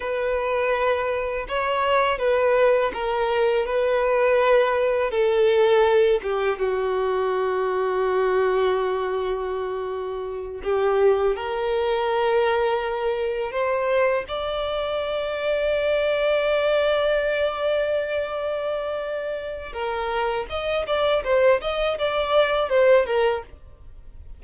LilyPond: \new Staff \with { instrumentName = "violin" } { \time 4/4 \tempo 4 = 82 b'2 cis''4 b'4 | ais'4 b'2 a'4~ | a'8 g'8 fis'2.~ | fis'2~ fis'8 g'4 ais'8~ |
ais'2~ ais'8 c''4 d''8~ | d''1~ | d''2. ais'4 | dis''8 d''8 c''8 dis''8 d''4 c''8 ais'8 | }